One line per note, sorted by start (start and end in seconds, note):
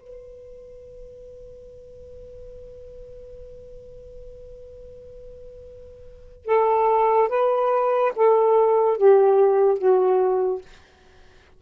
0.00 6.45 B4
6.45 7.28 A4
7.28 8.12 B4
8.16 8.97 A4
8.97 9.78 G4
9.78 10.61 F#4